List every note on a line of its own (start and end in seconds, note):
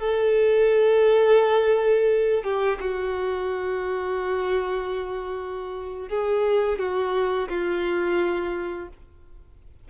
0.00 2.44 A4
2.44 2.79 G4
2.80 6.09 F#4
6.09 6.79 G#4
6.79 7.49 F#4
7.49 8.89 F4